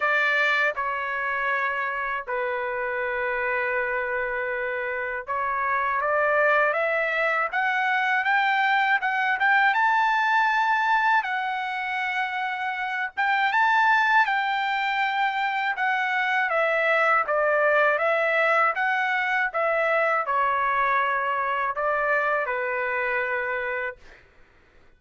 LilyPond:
\new Staff \with { instrumentName = "trumpet" } { \time 4/4 \tempo 4 = 80 d''4 cis''2 b'4~ | b'2. cis''4 | d''4 e''4 fis''4 g''4 | fis''8 g''8 a''2 fis''4~ |
fis''4. g''8 a''4 g''4~ | g''4 fis''4 e''4 d''4 | e''4 fis''4 e''4 cis''4~ | cis''4 d''4 b'2 | }